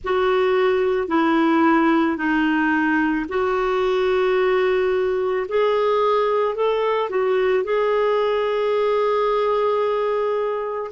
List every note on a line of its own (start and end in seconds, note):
0.03 1.08 F#4
1.08 2.16 E4
2.16 3.25 D#4
3.28 5.46 F#4
5.48 6.55 G#4
6.55 7.09 A4
7.09 7.64 F#4
7.64 10.91 G#4